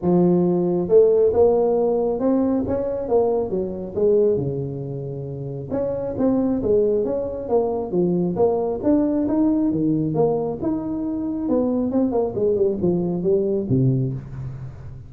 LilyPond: \new Staff \with { instrumentName = "tuba" } { \time 4/4 \tempo 4 = 136 f2 a4 ais4~ | ais4 c'4 cis'4 ais4 | fis4 gis4 cis2~ | cis4 cis'4 c'4 gis4 |
cis'4 ais4 f4 ais4 | d'4 dis'4 dis4 ais4 | dis'2 b4 c'8 ais8 | gis8 g8 f4 g4 c4 | }